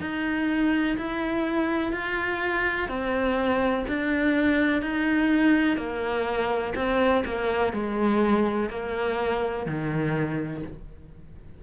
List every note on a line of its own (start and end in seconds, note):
0.00 0.97 D#4
0.97 1.92 E4
1.92 2.88 F4
2.88 3.85 C4
3.88 4.82 D4
4.82 5.76 D#4
5.76 6.73 A#3
6.75 7.23 C4
7.25 7.72 A#3
7.72 8.69 G#3
8.69 9.66 A#3
9.66 10.62 D#3